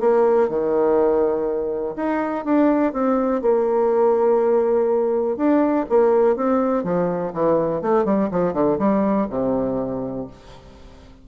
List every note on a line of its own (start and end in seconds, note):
0.00 0.49 A#3
0.49 1.95 D#3
1.96 2.45 D#4
2.45 2.92 D4
2.92 3.41 C4
3.42 5.37 A#3
5.37 5.85 D4
5.89 6.36 A#3
6.36 6.84 C4
6.84 7.32 F3
7.33 7.81 E3
7.81 8.04 A3
8.04 8.29 G3
8.31 8.53 F3
8.53 8.77 D3
8.78 9.27 G3
9.30 10.27 C3